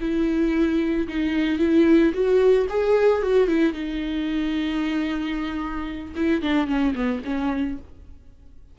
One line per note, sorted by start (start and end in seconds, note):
0.00 1.07 E4
1.07 1.59 D#4
1.59 2.13 E4
2.13 2.67 F#4
2.69 3.22 G#4
3.22 3.48 F#4
3.48 3.73 E4
3.73 6.14 D#4
6.16 6.42 E4
6.42 6.67 D4
6.67 6.94 C#4
6.95 7.22 B3
7.24 7.78 C#4